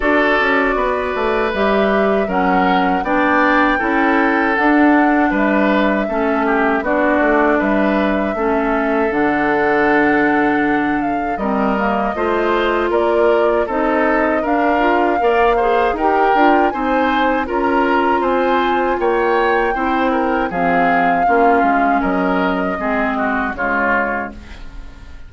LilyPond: <<
  \new Staff \with { instrumentName = "flute" } { \time 4/4 \tempo 4 = 79 d''2 e''4 fis''4 | g''2 fis''4 e''4~ | e''4 d''4 e''2 | fis''2~ fis''8 f''8 dis''4~ |
dis''4 d''4 dis''4 f''4~ | f''4 g''4 gis''4 ais''4 | gis''4 g''2 f''4~ | f''4 dis''2 cis''4 | }
  \new Staff \with { instrumentName = "oboe" } { \time 4/4 a'4 b'2 ais'4 | d''4 a'2 b'4 | a'8 g'8 fis'4 b'4 a'4~ | a'2. ais'4 |
c''4 ais'4 a'4 ais'4 | d''8 c''8 ais'4 c''4 ais'4 | c''4 cis''4 c''8 ais'8 gis'4 | f'4 ais'4 gis'8 fis'8 f'4 | }
  \new Staff \with { instrumentName = "clarinet" } { \time 4/4 fis'2 g'4 cis'4 | d'4 e'4 d'2 | cis'4 d'2 cis'4 | d'2. c'8 ais8 |
f'2 dis'4 d'8 f'8 | ais'8 gis'8 g'8 f'8 dis'4 f'4~ | f'2 e'4 c'4 | cis'2 c'4 gis4 | }
  \new Staff \with { instrumentName = "bassoon" } { \time 4/4 d'8 cis'8 b8 a8 g4 fis4 | b4 cis'4 d'4 g4 | a4 b8 a8 g4 a4 | d2. g4 |
a4 ais4 c'4 d'4 | ais4 dis'8 d'8 c'4 cis'4 | c'4 ais4 c'4 f4 | ais8 gis8 fis4 gis4 cis4 | }
>>